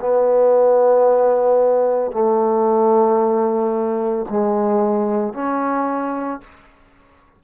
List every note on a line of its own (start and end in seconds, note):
0.00 2.11 B3
2.11 4.26 A3
4.29 5.33 G#3
5.33 6.40 C#4